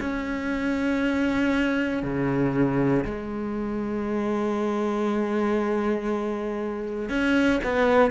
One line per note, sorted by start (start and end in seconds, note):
0.00 2.03 C#4
2.03 3.05 C#3
3.05 7.10 G#3
7.10 7.60 C#4
7.64 8.11 B3